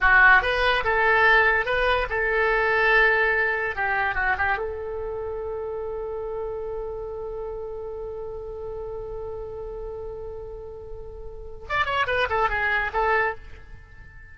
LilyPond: \new Staff \with { instrumentName = "oboe" } { \time 4/4 \tempo 4 = 144 fis'4 b'4 a'2 | b'4 a'2.~ | a'4 g'4 fis'8 g'8 a'4~ | a'1~ |
a'1~ | a'1~ | a'1 | d''8 cis''8 b'8 a'8 gis'4 a'4 | }